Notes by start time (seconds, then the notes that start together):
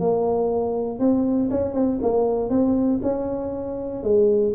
0.00 A#3
0.99 C4
1.50 C#4
1.74 C4
2.02 A#3
2.49 C4
3.03 C#4
4.03 G#3